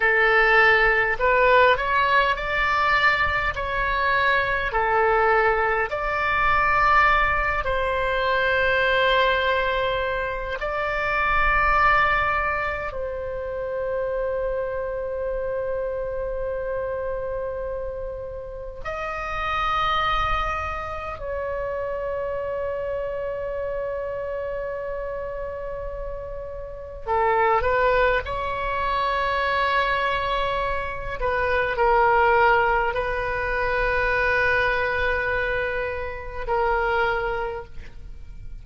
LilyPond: \new Staff \with { instrumentName = "oboe" } { \time 4/4 \tempo 4 = 51 a'4 b'8 cis''8 d''4 cis''4 | a'4 d''4. c''4.~ | c''4 d''2 c''4~ | c''1 |
dis''2 cis''2~ | cis''2. a'8 b'8 | cis''2~ cis''8 b'8 ais'4 | b'2. ais'4 | }